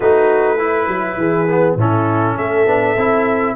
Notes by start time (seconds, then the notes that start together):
0.00 A3 D#4 F#4 B4
0.56 E4
0.87 F#3
1.17 E3 G#4
1.49 B3
1.75 A2 C#4 E4 A4
2.35 A3 A4 E5
2.66 B3 D4
2.96 C4 E4